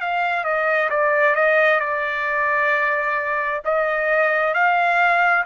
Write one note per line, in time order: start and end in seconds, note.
0.00 0.44 F5
0.44 0.90 D#5
0.90 1.35 D5
1.35 1.80 D#5
1.80 3.62 D5
3.64 4.54 D#5
4.54 5.45 F5